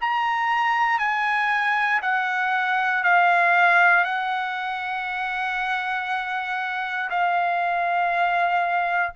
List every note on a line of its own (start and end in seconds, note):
0.00 0.98 A#5
0.98 2.00 G#5
2.02 3.03 F#5
3.03 4.04 F5
4.04 7.09 F#5
7.10 9.13 F5